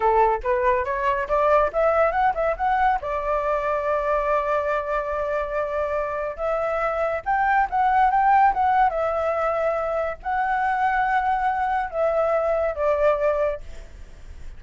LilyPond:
\new Staff \with { instrumentName = "flute" } { \time 4/4 \tempo 4 = 141 a'4 b'4 cis''4 d''4 | e''4 fis''8 e''8 fis''4 d''4~ | d''1~ | d''2. e''4~ |
e''4 g''4 fis''4 g''4 | fis''4 e''2. | fis''1 | e''2 d''2 | }